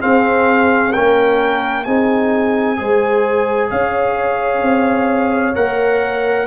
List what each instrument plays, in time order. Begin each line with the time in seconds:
0.00 trombone C4, tuba C4, horn G#4, trumpet F5
0.92 tuba A#3, trombone C#4, horn A#4, trumpet G5
1.84 tuba C4, trombone D#4, horn G#4, trumpet G#5
2.77 tuba G#3, trombone G#4, horn C5
3.70 tuba C#4, horn C#5, trumpet F5
4.62 tuba C4
5.55 tuba A#3, trombone A#4, trumpet F#5